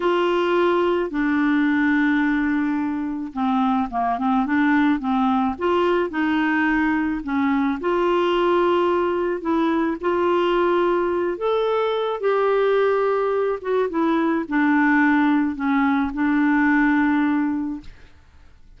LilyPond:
\new Staff \with { instrumentName = "clarinet" } { \time 4/4 \tempo 4 = 108 f'2 d'2~ | d'2 c'4 ais8 c'8 | d'4 c'4 f'4 dis'4~ | dis'4 cis'4 f'2~ |
f'4 e'4 f'2~ | f'8 a'4. g'2~ | g'8 fis'8 e'4 d'2 | cis'4 d'2. | }